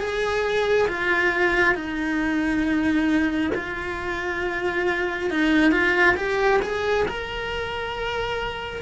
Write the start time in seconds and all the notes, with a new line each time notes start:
0.00 G#4
0.88 F4
1.75 D#4
3.55 F4
5.31 D#4
5.72 F4
6.16 G4
6.62 G#4
7.08 A#4